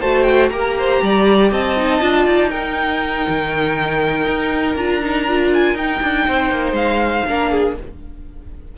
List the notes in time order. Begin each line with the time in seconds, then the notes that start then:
0.00 A3 F#4 C5 A5
0.23 G5
0.49 A#3 G4 A#4 A#5
0.78 C5
1.02 G3 D5
1.52 C4 D#5 A5
1.77 D#4
2.00 D4 F4
2.26 D#4 D5
2.50 D#4 A#4 G5
3.28 D#3
4.26 D#4
4.75 D4 F4 A#5
5.02 D#4
5.28 F4
5.54 G#5
5.74 D#4 G5
6.02 D4
6.27 C4 C5
6.51 A#3
6.72 G#3 F5
7.27 A#3 D4 A#4
7.51 G#4